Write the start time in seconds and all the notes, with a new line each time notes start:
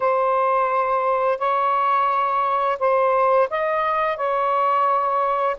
0.00 C5
1.38 C#5
2.79 C5
3.50 D#5
4.16 C#5